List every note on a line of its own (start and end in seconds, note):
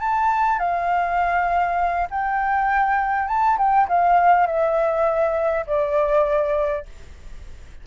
0.00 0.59 A5
0.59 2.08 F5
2.10 3.28 G5
3.28 3.58 A5
3.58 3.87 G5
3.88 4.47 F5
4.47 5.66 E5
5.67 6.85 D5